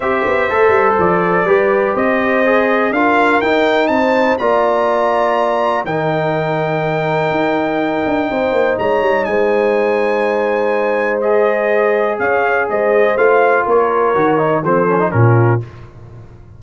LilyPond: <<
  \new Staff \with { instrumentName = "trumpet" } { \time 4/4 \tempo 4 = 123 e''2 d''2 | dis''2 f''4 g''4 | a''4 ais''2. | g''1~ |
g''2 ais''4 gis''4~ | gis''2. dis''4~ | dis''4 f''4 dis''4 f''4 | cis''2 c''4 ais'4 | }
  \new Staff \with { instrumentName = "horn" } { \time 4/4 c''2. b'4 | c''2 ais'2 | c''4 d''2. | ais'1~ |
ais'4 c''4 cis''4 c''4~ | c''1~ | c''4 cis''4 c''2 | ais'2 a'4 f'4 | }
  \new Staff \with { instrumentName = "trombone" } { \time 4/4 g'4 a'2 g'4~ | g'4 gis'4 f'4 dis'4~ | dis'4 f'2. | dis'1~ |
dis'1~ | dis'2. gis'4~ | gis'2. f'4~ | f'4 fis'8 dis'8 c'8 cis'16 dis'16 cis'4 | }
  \new Staff \with { instrumentName = "tuba" } { \time 4/4 c'8 b8 a8 g8 f4 g4 | c'2 d'4 dis'4 | c'4 ais2. | dis2. dis'4~ |
dis'8 d'8 c'8 ais8 gis8 g8 gis4~ | gis1~ | gis4 cis'4 gis4 a4 | ais4 dis4 f4 ais,4 | }
>>